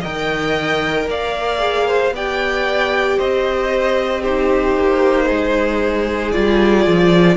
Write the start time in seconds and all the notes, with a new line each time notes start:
0.00 D#3 A#4 D#5 G5
1.06 A#3 D5 F5
1.59 G#4
1.87 C5
2.11 B3 G4 D5 G5
3.17 C4 C5 D#5
4.21 D#4 G4 C5
4.77 A#3
5.24 G#3 G#4
6.31 G3 F4 D5
6.86 F3